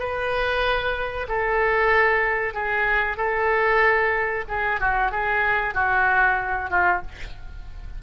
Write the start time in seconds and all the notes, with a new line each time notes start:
0.00 B4
1.29 A4
2.54 G#4
3.17 A4
4.49 G#4
4.80 F#4
5.12 G#4
5.75 F#4
6.71 F4